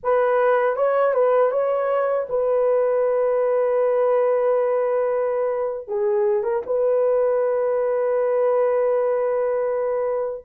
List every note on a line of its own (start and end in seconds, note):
0.03 0.76 B4
0.76 1.14 C#5
1.14 1.51 B4
1.51 2.27 C#5
2.29 5.88 B4
5.88 6.43 G#4
6.43 6.62 A#4
6.66 10.44 B4